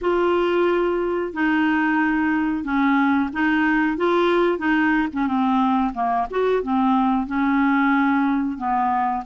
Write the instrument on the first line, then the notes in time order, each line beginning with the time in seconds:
clarinet
0.01 F4
1.33 D#4
2.64 C#4
3.33 D#4
3.97 F4
4.58 D#4
5.12 C#4
5.27 C4
5.93 A#3
6.30 F#4
6.63 C4
7.26 C#4
8.57 B3